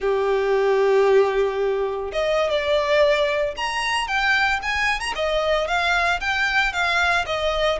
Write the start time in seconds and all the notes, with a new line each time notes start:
0.00 G4
2.12 D#5
2.50 D5
3.56 A#5
4.07 G5
4.62 G#5
5.00 A#5
5.15 D#5
5.67 F5
6.20 G5
6.72 F5
7.26 D#5